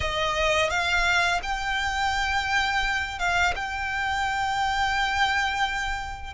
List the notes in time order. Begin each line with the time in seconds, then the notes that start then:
0.00 D#5
0.69 F5
1.42 G5
3.18 F5
3.55 G5